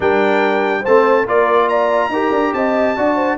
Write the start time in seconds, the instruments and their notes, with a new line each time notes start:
0.00 tuba G3, trombone D4, horn A#4, trumpet G5
0.81 tuba A3, trombone C4, horn C5, trumpet A5
1.25 tuba A#3, trombone F4, horn A#4, trumpet D5
1.69 horn D5, trumpet A#5
2.08 tuba D#4, trombone G4, horn A#4
2.31 tuba D4
2.53 tuba C4, horn D#5, trumpet A5
2.96 tuba D4, trombone F#4, horn D5
3.15 horn C5